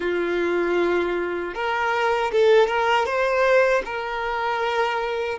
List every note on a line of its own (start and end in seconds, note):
0.00 1.54 F4
1.54 2.31 A#4
2.31 2.67 A4
2.67 3.05 A#4
3.05 3.82 C5
3.85 5.38 A#4